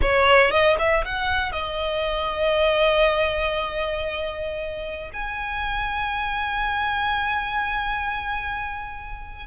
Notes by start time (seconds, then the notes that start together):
0.01 C#5
0.50 D#5
0.78 E5
1.04 F#5
1.52 D#5
5.13 G#5